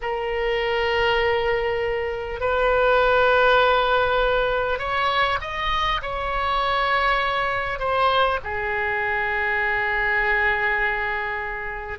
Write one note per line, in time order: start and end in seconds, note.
0.01 2.40 A#4
2.40 4.78 B4
4.78 5.38 C#5
5.41 6.01 D#5
6.02 7.79 C#5
7.79 8.39 C5
8.43 11.98 G#4